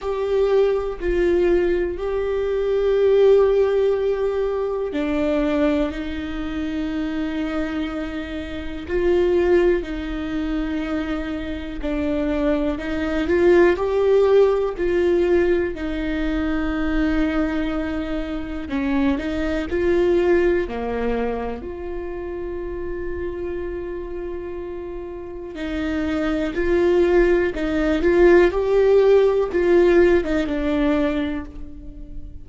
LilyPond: \new Staff \with { instrumentName = "viola" } { \time 4/4 \tempo 4 = 61 g'4 f'4 g'2~ | g'4 d'4 dis'2~ | dis'4 f'4 dis'2 | d'4 dis'8 f'8 g'4 f'4 |
dis'2. cis'8 dis'8 | f'4 ais4 f'2~ | f'2 dis'4 f'4 | dis'8 f'8 g'4 f'8. dis'16 d'4 | }